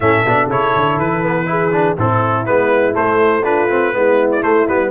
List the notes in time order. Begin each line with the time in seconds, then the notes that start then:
0.00 A2 C#4 A4 E5
0.25 B2 D4
0.46 C#3 E4 C#5
0.75 D3
0.97 E3 B4
1.23 B3
1.45 E4 G#4
1.72 D4
1.97 A2 C4 E4 A4
2.45 G#3 B3 B4
2.93 A3 C5
3.43 D4 F4 B4
3.69 C4
3.93 G#3 B3 E4
4.31 D5
4.41 A3 C5
4.67 G3 B3 B4